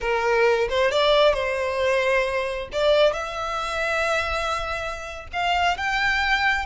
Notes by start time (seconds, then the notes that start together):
0.00 A#4
0.69 C5
0.91 D5
1.33 C5
2.72 D5
3.13 E5
5.32 F5
5.77 G5